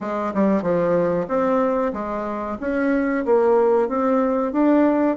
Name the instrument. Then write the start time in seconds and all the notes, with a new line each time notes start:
bassoon
0.01 G#3
0.33 G3
0.62 F3
1.28 C4
1.93 G#3
2.60 C#4
3.25 A#3
3.88 C4
4.52 D4